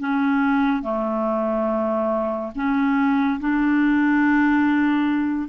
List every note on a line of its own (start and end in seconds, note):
0.00 0.82 C#4
0.82 2.51 A3
2.55 3.39 C#4
3.40 5.48 D4